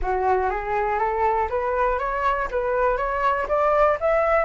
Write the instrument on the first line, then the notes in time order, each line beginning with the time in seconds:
flute
0.02 F#4
0.50 G#4
0.98 A4
1.49 B4
1.99 C#5
2.50 B4
2.97 C#5
3.48 D5
4.00 E5